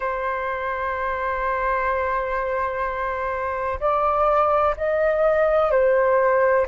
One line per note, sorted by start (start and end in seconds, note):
0.00 3.79 C5
3.80 4.75 D5
4.76 5.71 D#5
5.71 6.66 C5